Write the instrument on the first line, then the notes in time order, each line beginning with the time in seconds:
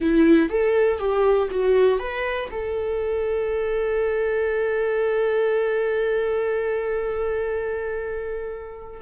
viola
0.00 E4
0.49 A4
0.98 G4
1.50 F#4
1.99 B4
2.51 A4